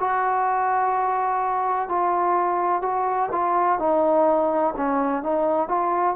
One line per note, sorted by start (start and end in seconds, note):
0.00 1.89 F#4
1.89 2.82 F4
2.82 3.29 F#4
3.32 3.79 F4
3.79 4.74 D#4
4.77 5.23 C#4
5.23 5.68 D#4
5.68 6.16 F4